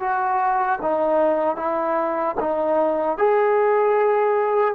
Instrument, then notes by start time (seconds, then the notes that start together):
trombone
0.00 F#4
0.82 D#4
1.56 E4
2.40 D#4
3.18 G#4